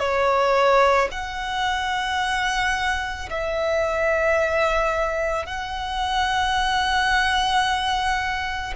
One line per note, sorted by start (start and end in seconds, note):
0.00 1.09 C#5
1.12 3.30 F#5
3.31 5.46 E5
5.46 8.74 F#5